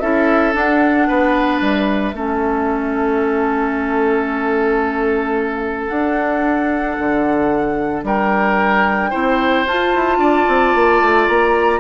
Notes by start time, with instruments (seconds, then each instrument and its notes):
0.00 bassoon C#4, clarinet E4, oboe A4, flute E5
0.53 clarinet D4, bassoon D4, flute F#5
1.08 bassoon B3, oboe B4
1.60 bassoon G3, flute E5
2.13 bassoon A3, clarinet C#4, oboe A4
5.88 bassoon D4, clarinet D4, flute F#5
6.99 bassoon D3
8.04 bassoon G3, oboe A#4, flute G5
9.11 bassoon C4, clarinet E4, oboe C5
9.67 bassoon F4, clarinet F4, flute A5
9.95 bassoon E4
10.18 bassoon D4, oboe D5
10.48 bassoon C4
10.75 bassoon A#3
11.02 bassoon A3
11.28 bassoon A#3, flute A#5